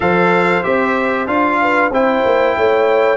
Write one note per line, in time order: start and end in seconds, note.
0.00 0.62 F3
0.00 0.62 A4
0.00 1.60 C5
0.00 0.63 F5
0.63 1.26 C4
0.63 1.26 G4
0.63 1.26 E5
1.26 1.90 D4
1.26 1.91 F4
1.26 1.91 F5
1.61 1.92 B4
1.90 2.22 C4
1.90 3.17 E4
1.90 2.56 C5
1.90 3.17 G5
2.24 2.56 A#3
2.56 3.17 A3
2.56 3.17 C#5